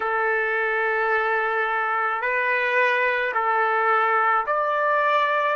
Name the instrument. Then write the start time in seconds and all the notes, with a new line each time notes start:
trumpet
0.00 A4
2.21 B4
3.33 A4
4.46 D5